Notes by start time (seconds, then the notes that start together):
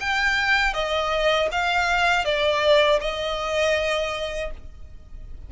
0.00 G5
0.74 D#5
1.51 F5
2.25 D5
3.01 D#5